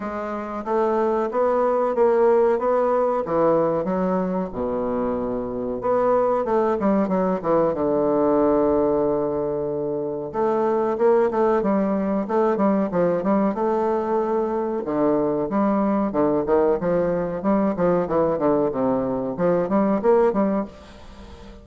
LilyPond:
\new Staff \with { instrumentName = "bassoon" } { \time 4/4 \tempo 4 = 93 gis4 a4 b4 ais4 | b4 e4 fis4 b,4~ | b,4 b4 a8 g8 fis8 e8 | d1 |
a4 ais8 a8 g4 a8 g8 | f8 g8 a2 d4 | g4 d8 dis8 f4 g8 f8 | e8 d8 c4 f8 g8 ais8 g8 | }